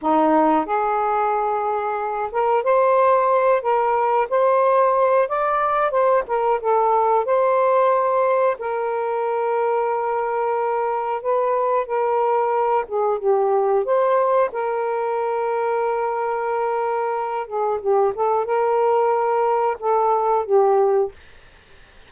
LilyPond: \new Staff \with { instrumentName = "saxophone" } { \time 4/4 \tempo 4 = 91 dis'4 gis'2~ gis'8 ais'8 | c''4. ais'4 c''4. | d''4 c''8 ais'8 a'4 c''4~ | c''4 ais'2.~ |
ais'4 b'4 ais'4. gis'8 | g'4 c''4 ais'2~ | ais'2~ ais'8 gis'8 g'8 a'8 | ais'2 a'4 g'4 | }